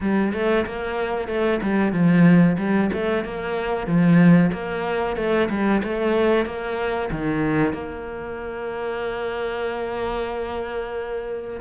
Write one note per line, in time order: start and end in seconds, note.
0.01 0.33 G3
0.33 0.65 A3
0.66 1.28 A#3
1.28 1.60 A3
1.62 1.92 G3
1.92 2.57 F3
2.58 2.90 G3
2.93 3.24 A3
3.24 3.87 A#3
3.87 4.51 F3
4.52 5.16 A#3
5.16 5.48 A3
5.49 5.82 G3
5.83 6.45 A3
6.45 7.10 A#3
7.11 7.73 D#3
7.73 11.60 A#3